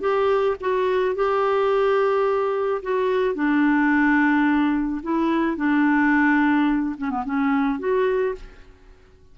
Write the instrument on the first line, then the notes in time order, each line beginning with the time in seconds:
clarinet
0.00 G4
0.60 F#4
1.15 G4
2.82 F#4
3.34 D4
5.03 E4
5.57 D4
6.97 C#4
7.10 B3
7.25 C#4
7.79 F#4